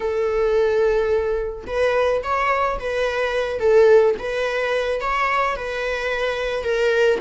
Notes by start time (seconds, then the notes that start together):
0.00 A4
1.67 B4
2.23 C#5
2.79 B4
3.59 A4
4.18 B4
5.00 C#5
5.56 B4
6.63 A#4